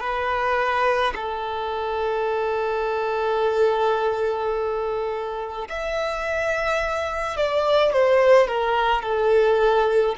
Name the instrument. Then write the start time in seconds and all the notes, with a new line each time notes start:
violin
0.00 B4
1.15 A4
5.69 E5
7.36 D5
7.92 C5
8.47 A#4
9.02 A4